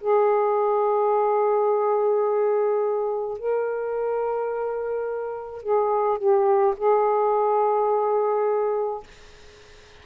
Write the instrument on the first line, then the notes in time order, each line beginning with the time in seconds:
saxophone
0.00 G#4
3.38 A#4
5.62 G#4
6.18 G4
6.77 G#4